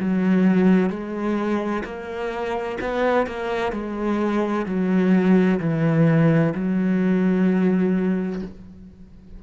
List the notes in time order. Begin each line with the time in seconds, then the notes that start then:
0.00 F#3
0.90 G#3
1.85 A#3
2.81 B3
3.27 A#3
3.72 G#3
4.66 F#3
5.60 E3
6.55 F#3